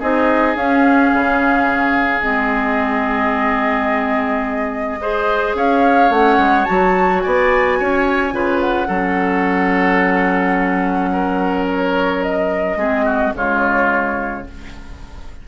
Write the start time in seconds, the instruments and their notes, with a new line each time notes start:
0.00 bassoon C4, clarinet D#4, oboe G#4, flute D#5
0.55 bassoon C#4, clarinet C#4, flute F5
1.13 bassoon C#3
2.22 bassoon G#3, clarinet C4, flute D#5
5.01 clarinet G#4, oboe C5
5.55 bassoon C#4, oboe C#5, flute F5
6.10 bassoon A3, clarinet C#4, flute F#5
6.38 bassoon G#3
6.65 bassoon F#3, clarinet F#4, flute A5
7.21 bassoon B3, oboe D5, flute G#5
7.79 bassoon C#4, oboe C#5
8.31 bassoon C#3, clarinet F4, oboe B4
8.61 flute F#5
8.87 bassoon F#3, clarinet C#4, oboe A4
11.12 oboe A#4
11.69 flute C#5
12.23 flute D#5
12.76 bassoon G#3, clarinet C4, oboe G#4
13.05 oboe F#4
13.34 bassoon C#3, clarinet G#3, oboe F4, flute C#5